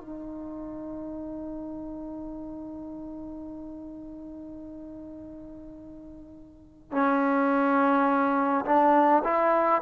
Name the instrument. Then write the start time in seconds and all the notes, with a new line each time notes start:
trombone
0.00 D#4
6.91 C#4
8.65 D4
9.24 E4